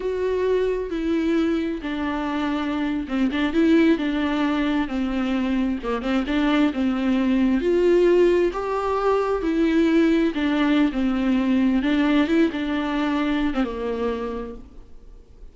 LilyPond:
\new Staff \with { instrumentName = "viola" } { \time 4/4 \tempo 4 = 132 fis'2 e'2 | d'2~ d'8. c'8 d'8 e'16~ | e'8. d'2 c'4~ c'16~ | c'8. ais8 c'8 d'4 c'4~ c'16~ |
c'8. f'2 g'4~ g'16~ | g'8. e'2 d'4~ d'16 | c'2 d'4 e'8 d'8~ | d'4.~ d'16 c'16 ais2 | }